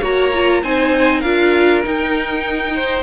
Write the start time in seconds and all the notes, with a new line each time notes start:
0.00 A#3 F#4 C#5 A#5
0.34 F4
0.63 C4 D#4 C5 G#5
1.21 D4 F4 A#4 F5
1.83 D#4 G5
2.75 C5